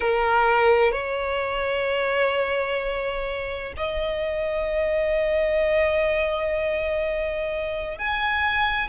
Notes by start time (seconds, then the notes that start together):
0.00 A#4
0.92 C#5
3.76 D#5
7.98 G#5